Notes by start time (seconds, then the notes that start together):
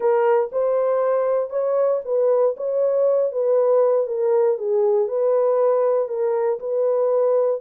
0.00 A#4
0.52 C5
1.50 C#5
2.04 B4
2.57 C#5
3.32 B4
4.07 A#4
4.58 G#4
5.08 B4
6.08 A#4
6.59 B4